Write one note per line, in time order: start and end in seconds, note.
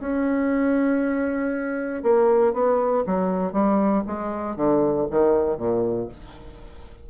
0.00 2.02 C#4
2.02 2.53 A#3
2.53 3.04 B3
3.06 3.52 F#3
3.52 4.03 G3
4.06 4.56 G#3
4.56 5.07 D3
5.10 5.57 D#3
5.57 6.08 A#2